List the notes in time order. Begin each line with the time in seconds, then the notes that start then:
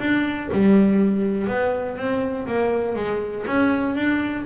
0.00 D4
0.52 G3
1.47 B3
1.97 C4
2.47 A#3
2.95 G#3
3.47 C#4
3.96 D4